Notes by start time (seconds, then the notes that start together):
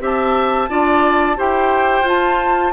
0.00 C4 G4 E5 A5
0.69 D4 F4 D5
1.36 E4 G4 C5 G5
2.01 F4
2.08 A5